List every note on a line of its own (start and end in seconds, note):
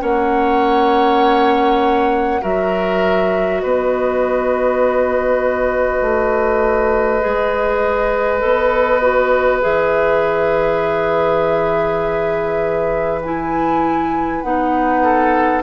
0.00 2.42 A#3
0.00 2.40 C#4
0.00 2.41 C#5
0.00 2.43 F#5
2.41 3.63 F#3
2.41 7.21 F#4
2.41 3.62 A#4
2.41 3.60 E5
3.60 6.01 B3
3.60 15.02 B4
3.60 9.60 D#5
6.01 7.21 A3
7.21 8.42 G#3
7.21 8.40 G#4
8.40 9.62 B3
8.40 9.00 A4
9.01 9.61 F#4
9.61 14.43 E3
9.61 13.21 G#4
9.61 13.21 E5
13.22 14.44 E4
13.22 14.42 G#5
14.42 15.63 B3
14.42 15.63 D#4
14.42 15.62 F#5
15.03 15.62 A4